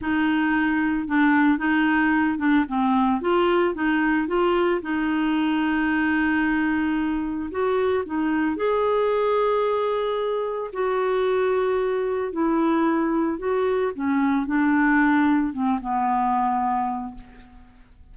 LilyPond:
\new Staff \with { instrumentName = "clarinet" } { \time 4/4 \tempo 4 = 112 dis'2 d'4 dis'4~ | dis'8 d'8 c'4 f'4 dis'4 | f'4 dis'2.~ | dis'2 fis'4 dis'4 |
gis'1 | fis'2. e'4~ | e'4 fis'4 cis'4 d'4~ | d'4 c'8 b2~ b8 | }